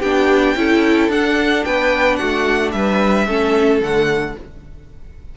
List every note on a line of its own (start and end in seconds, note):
0.00 0.55 B3
0.00 0.57 D4
0.00 0.54 G4
0.00 1.10 G5
0.55 1.09 C#4
0.55 1.11 E4
0.55 1.66 A4
1.09 1.63 D4
1.09 3.27 D4
1.09 1.65 F#5
1.65 2.20 B3
1.65 2.18 B4
1.65 2.16 G5
2.16 2.73 A3
2.16 2.73 F#4
2.16 2.70 F#5
2.72 3.27 G3
2.72 3.27 B4
2.72 3.80 E5
3.27 3.81 A3
3.27 3.82 C#4
3.27 4.35 A4
3.81 4.35 D3
3.81 4.37 A3
3.81 4.37 F#5